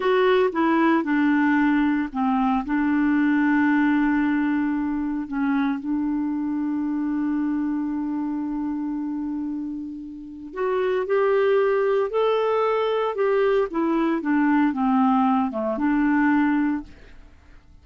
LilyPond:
\new Staff \with { instrumentName = "clarinet" } { \time 4/4 \tempo 4 = 114 fis'4 e'4 d'2 | c'4 d'2.~ | d'2 cis'4 d'4~ | d'1~ |
d'1 | fis'4 g'2 a'4~ | a'4 g'4 e'4 d'4 | c'4. a8 d'2 | }